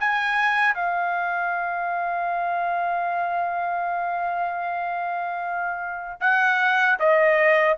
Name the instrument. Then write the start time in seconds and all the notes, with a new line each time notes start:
trumpet
0.00 G#5
0.75 F5
6.21 F#5
7.00 D#5